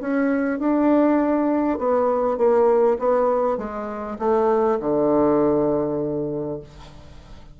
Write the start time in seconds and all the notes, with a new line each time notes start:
0.00 C#4
0.59 D4
1.78 B3
2.37 A#3
2.99 B3
3.57 G#3
4.19 A3
4.79 D3